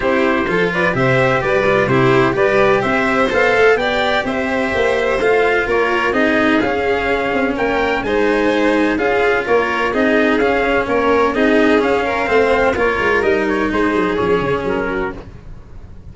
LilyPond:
<<
  \new Staff \with { instrumentName = "trumpet" } { \time 4/4 \tempo 4 = 127 c''4. d''8 e''4 d''4 | c''4 d''4 e''4 f''4 | g''4 e''2 f''4 | cis''4 dis''4 f''2 |
g''4 gis''2 f''4 | cis''4 dis''4 f''4 cis''4 | dis''4 f''2 cis''4 | dis''8 cis''8 c''4 cis''4 ais'4 | }
  \new Staff \with { instrumentName = "violin" } { \time 4/4 g'4 a'8 b'8 c''4 b'4 | g'4 b'4 c''2 | d''4 c''2. | ais'4 gis'2. |
ais'4 c''2 gis'4 | ais'4 gis'2 ais'4 | gis'4. ais'8 c''4 ais'4~ | ais'4 gis'2~ gis'8 fis'8 | }
  \new Staff \with { instrumentName = "cello" } { \time 4/4 e'4 f'4 g'4. f'8 | e'4 g'2 a'4 | g'2. f'4~ | f'4 dis'4 cis'2~ |
cis'4 dis'2 f'4~ | f'4 dis'4 cis'2 | dis'4 cis'4 c'4 f'4 | dis'2 cis'2 | }
  \new Staff \with { instrumentName = "tuba" } { \time 4/4 c'4 f4 c4 g4 | c4 g4 c'4 b8 a8 | b4 c'4 ais4 a4 | ais4 c'4 cis'4. c'8 |
ais4 gis2 cis'4 | ais4 c'4 cis'4 ais4 | c'4 cis'4 a4 ais8 gis8 | g4 gis8 fis8 f8 cis8 fis4 | }
>>